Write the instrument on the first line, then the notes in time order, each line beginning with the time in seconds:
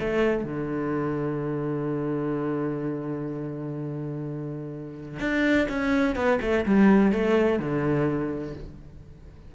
cello
0.00 A3
0.45 D3
5.20 D4
5.69 C#4
6.16 B3
6.42 A3
6.66 G3
7.12 A3
7.59 D3